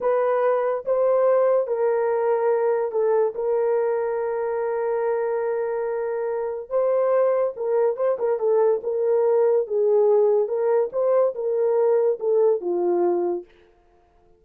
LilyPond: \new Staff \with { instrumentName = "horn" } { \time 4/4 \tempo 4 = 143 b'2 c''2 | ais'2. a'4 | ais'1~ | ais'1 |
c''2 ais'4 c''8 ais'8 | a'4 ais'2 gis'4~ | gis'4 ais'4 c''4 ais'4~ | ais'4 a'4 f'2 | }